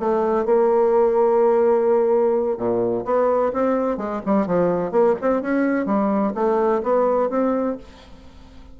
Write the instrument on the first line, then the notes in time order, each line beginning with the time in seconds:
bassoon
0.00 A3
0.46 A#3
2.58 A#2
3.05 B3
3.53 C4
3.98 G#3
4.26 G3
4.47 F3
4.92 A#3
5.22 C4
5.42 C#4
5.86 G3
6.35 A3
6.83 B3
7.30 C4